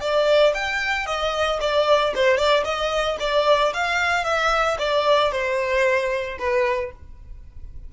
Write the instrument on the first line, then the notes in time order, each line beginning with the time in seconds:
violin
0.00 D5
0.54 G5
1.06 D#5
1.60 D5
2.15 C5
2.37 D5
2.64 D#5
3.20 D5
3.73 F5
4.24 E5
4.78 D5
5.31 C5
6.38 B4